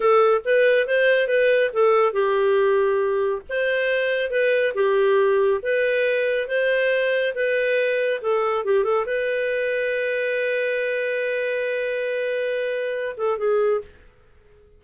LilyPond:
\new Staff \with { instrumentName = "clarinet" } { \time 4/4 \tempo 4 = 139 a'4 b'4 c''4 b'4 | a'4 g'2. | c''2 b'4 g'4~ | g'4 b'2 c''4~ |
c''4 b'2 a'4 | g'8 a'8 b'2.~ | b'1~ | b'2~ b'8 a'8 gis'4 | }